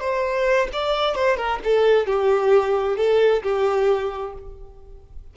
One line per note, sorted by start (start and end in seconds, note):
0.00 0.68 C5
0.73 1.15 D5
1.15 1.37 C5
1.37 1.60 A#4
1.64 2.07 A4
2.07 2.97 G4
2.97 3.43 A4
3.43 4.34 G4